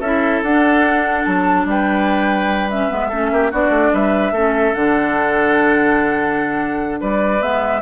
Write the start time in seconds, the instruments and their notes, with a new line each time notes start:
0.00 bassoon C#4, clarinet E4, oboe A4, flute E5
0.43 bassoon D4, clarinet D4, flute F#5
1.25 bassoon F#3, flute A5
1.66 bassoon G3, oboe B4, flute G5
2.70 clarinet C#4, flute E5
2.90 bassoon G#3, clarinet B3
3.09 bassoon A3, clarinet C#4, oboe A4
3.32 bassoon A#3, oboe G4
3.51 bassoon B3, clarinet D4, oboe F#4, flute D5
3.70 bassoon A3
3.94 bassoon G3, oboe B4, flute E5
4.32 bassoon A3, clarinet C#4, oboe A4
4.74 bassoon D3, clarinet D4, flute F#5
7.01 bassoon G3, oboe B4, flute D5
7.40 bassoon G#3, clarinet B3, flute E5